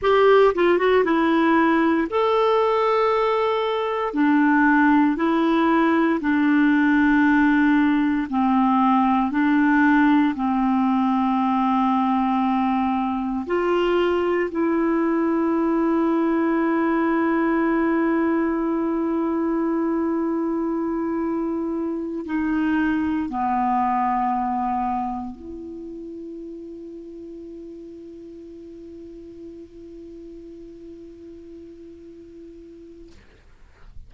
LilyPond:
\new Staff \with { instrumentName = "clarinet" } { \time 4/4 \tempo 4 = 58 g'8 f'16 fis'16 e'4 a'2 | d'4 e'4 d'2 | c'4 d'4 c'2~ | c'4 f'4 e'2~ |
e'1~ | e'4. dis'4 b4.~ | b8 e'2.~ e'8~ | e'1 | }